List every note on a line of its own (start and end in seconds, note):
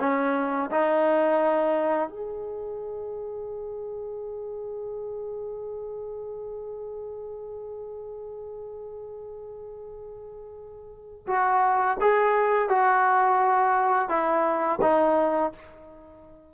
0.00 0.71 C#4
0.72 2.10 D#4
2.10 11.27 G#4
11.27 11.98 F#4
12.01 12.69 G#4
12.69 14.09 F#4
14.09 14.80 E4
14.82 15.53 D#4